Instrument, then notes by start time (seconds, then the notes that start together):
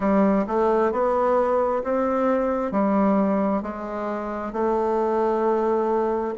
bassoon
0.00 G3
0.47 A3
0.91 B3
1.83 C4
2.71 G3
3.62 G#3
4.52 A3